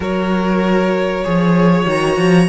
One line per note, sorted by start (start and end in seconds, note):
0.00 1.24 F#3
0.00 1.24 F#4
0.00 1.23 A#4
0.00 1.89 C#5
1.23 1.85 F3
1.23 1.85 G#4
1.23 2.48 C#5
1.85 2.17 D#3
1.85 2.48 F#4
1.85 2.48 A#5
2.17 2.48 F3